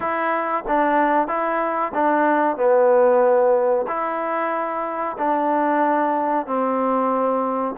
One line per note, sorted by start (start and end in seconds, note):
0.00 0.64 E4
0.67 1.27 D4
1.27 1.92 E4
1.94 2.56 D4
2.56 3.85 B3
3.87 5.16 E4
5.18 6.46 D4
6.46 7.75 C4